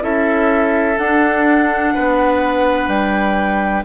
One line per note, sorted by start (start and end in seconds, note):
0.00 0.97 C#4
0.00 0.95 E4
0.00 1.93 A4
0.00 0.97 E5
0.97 1.93 D4
0.97 3.84 D4
0.97 2.87 F#5
1.94 2.87 B3
1.94 3.84 B4
2.87 3.83 G3
2.87 3.83 G5